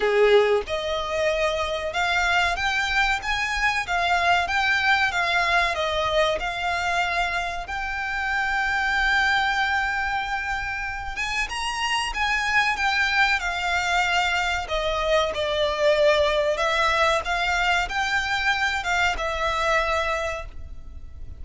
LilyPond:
\new Staff \with { instrumentName = "violin" } { \time 4/4 \tempo 4 = 94 gis'4 dis''2 f''4 | g''4 gis''4 f''4 g''4 | f''4 dis''4 f''2 | g''1~ |
g''4. gis''8 ais''4 gis''4 | g''4 f''2 dis''4 | d''2 e''4 f''4 | g''4. f''8 e''2 | }